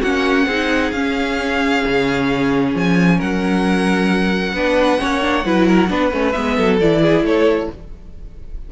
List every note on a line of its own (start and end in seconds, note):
0.00 0.46 A#3
0.00 0.49 C#4
0.00 0.45 F#4
0.00 0.91 F#5
0.46 0.91 C4
0.46 0.94 D#4
0.46 3.17 G#4
0.91 1.81 C#4
0.91 4.55 C#4
0.91 2.72 F5
1.87 2.74 C#3
2.74 3.19 F3
2.74 3.20 G#5
3.17 4.53 F#3
3.17 4.53 A#4
3.17 6.31 F#5
4.53 4.98 B3
4.53 4.99 D4
4.53 5.00 B4
4.99 5.45 A#3
4.99 5.21 C#4
4.99 5.45 C#5
5.21 5.44 D4
5.45 5.90 F#3
5.45 5.89 E4
5.45 5.67 B4
5.67 5.89 A#4
5.89 6.12 B3
5.89 6.11 D4
5.89 6.56 B4
6.12 6.34 A3
6.12 6.34 C#4
6.31 6.58 G#3
6.31 6.79 B3
6.31 6.76 E5
6.56 6.80 F#3
6.56 7.01 A4
6.80 7.22 E3
6.80 7.72 E4
6.80 7.25 D5
7.01 7.24 G#4
7.22 7.67 A3
7.22 7.70 A4
7.22 7.70 C#5